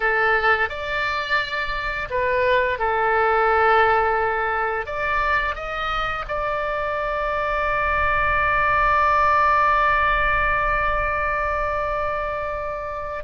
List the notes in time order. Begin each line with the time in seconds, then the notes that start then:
0.00 A4
0.68 D5
2.09 B4
2.78 A4
4.86 D5
5.55 D#5
6.28 D5